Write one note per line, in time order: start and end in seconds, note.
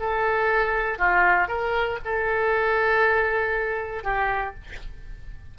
0.00 0.98 A4
0.98 1.48 F4
1.48 1.99 A#4
2.05 4.04 A4
4.04 4.55 G4